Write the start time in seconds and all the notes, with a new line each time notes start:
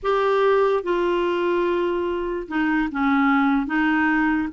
0.02 G4
0.83 F4
2.48 D#4
2.91 C#4
3.66 D#4